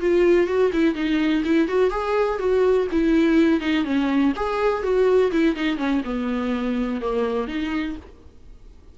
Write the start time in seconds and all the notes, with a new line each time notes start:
0.00 F4
0.47 F#4
0.73 E4
0.95 D#4
1.44 E4
1.68 F#4
1.90 G#4
2.39 F#4
2.91 E4
3.60 D#4
3.84 C#4
4.36 G#4
4.83 F#4
5.31 E4
5.55 D#4
5.77 C#4
6.04 B3
7.01 A#3
7.48 D#4